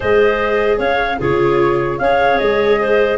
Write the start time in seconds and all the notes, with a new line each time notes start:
0.00 G#3 G#4 C5 D#5
0.78 C#4 C#5 F5
1.19 C#3 F4 G#4 C#5
1.98 C#4 G#4 C#5 F5
2.38 G#3 D#5
2.81 C5